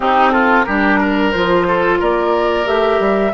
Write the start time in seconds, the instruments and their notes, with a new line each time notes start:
0.00 bassoon C4, clarinet C4, oboe D#4, flute G4
0.30 oboe F4, flute A4
0.63 bassoon G3, clarinet D4, oboe G4, flute A#4
1.00 oboe A#4
1.31 bassoon F3, clarinet F4, flute C5
1.67 oboe A4
1.99 bassoon A#3, oboe A#4, flute D5
2.65 bassoon A3, clarinet G4, flute E5
2.99 bassoon G3